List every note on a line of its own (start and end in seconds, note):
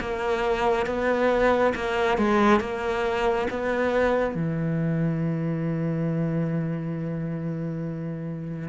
0.00 0.86 A#3
0.86 1.73 B3
1.75 2.17 A#3
2.17 2.60 G#3
2.60 3.47 A#3
3.50 4.35 B3
4.35 8.68 E3